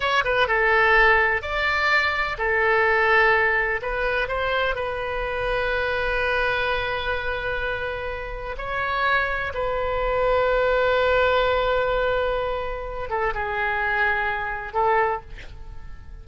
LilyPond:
\new Staff \with { instrumentName = "oboe" } { \time 4/4 \tempo 4 = 126 cis''8 b'8 a'2 d''4~ | d''4 a'2. | b'4 c''4 b'2~ | b'1~ |
b'2 cis''2 | b'1~ | b'2.~ b'8 a'8 | gis'2. a'4 | }